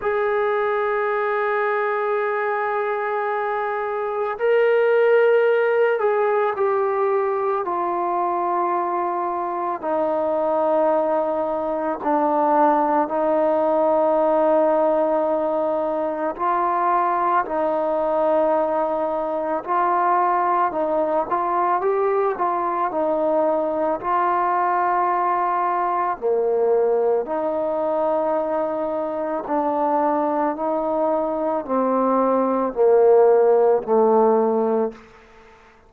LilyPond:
\new Staff \with { instrumentName = "trombone" } { \time 4/4 \tempo 4 = 55 gis'1 | ais'4. gis'8 g'4 f'4~ | f'4 dis'2 d'4 | dis'2. f'4 |
dis'2 f'4 dis'8 f'8 | g'8 f'8 dis'4 f'2 | ais4 dis'2 d'4 | dis'4 c'4 ais4 a4 | }